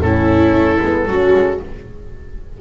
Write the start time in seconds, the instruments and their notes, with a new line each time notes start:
0.00 double bass A2, horn C#4, viola E4, oboe A4
0.52 double bass A3
0.82 double bass G#3, horn B3
1.05 double bass F#3, horn C#4, viola F#4
1.34 double bass G#3